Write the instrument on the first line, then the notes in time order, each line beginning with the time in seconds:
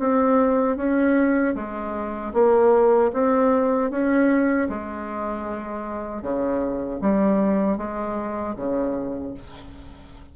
bassoon
0.00 C4
0.77 C#4
1.56 G#3
2.34 A#3
3.13 C4
3.91 C#4
4.70 G#3
6.23 C#3
7.02 G3
7.78 G#3
8.56 C#3